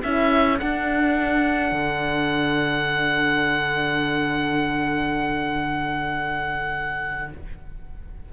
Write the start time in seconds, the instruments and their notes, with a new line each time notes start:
0.00 cello C#4, horn E4, trumpet A4, oboe E5
0.58 horn D4, cello D4, oboe F#5
1.72 cello D3